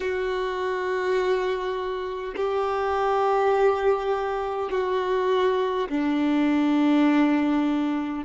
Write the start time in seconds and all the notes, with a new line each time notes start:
0.00 F#4
2.35 G4
4.71 F#4
5.88 D4